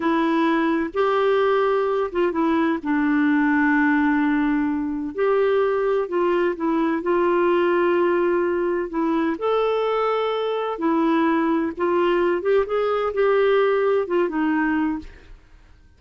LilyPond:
\new Staff \with { instrumentName = "clarinet" } { \time 4/4 \tempo 4 = 128 e'2 g'2~ | g'8 f'8 e'4 d'2~ | d'2. g'4~ | g'4 f'4 e'4 f'4~ |
f'2. e'4 | a'2. e'4~ | e'4 f'4. g'8 gis'4 | g'2 f'8 dis'4. | }